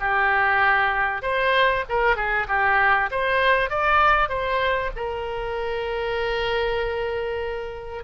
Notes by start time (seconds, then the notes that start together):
0.00 G4
1.22 C5
1.89 A#4
2.16 G#4
2.48 G4
3.11 C5
3.70 D5
4.29 C5
4.96 A#4